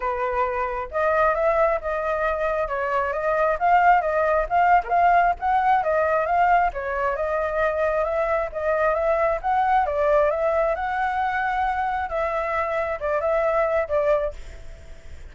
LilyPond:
\new Staff \with { instrumentName = "flute" } { \time 4/4 \tempo 4 = 134 b'2 dis''4 e''4 | dis''2 cis''4 dis''4 | f''4 dis''4 f''8. ais'16 f''4 | fis''4 dis''4 f''4 cis''4 |
dis''2 e''4 dis''4 | e''4 fis''4 d''4 e''4 | fis''2. e''4~ | e''4 d''8 e''4. d''4 | }